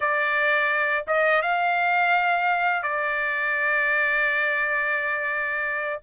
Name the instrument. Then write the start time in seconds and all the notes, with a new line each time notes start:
trumpet
0.00 D5
1.07 D#5
1.42 F5
2.82 D5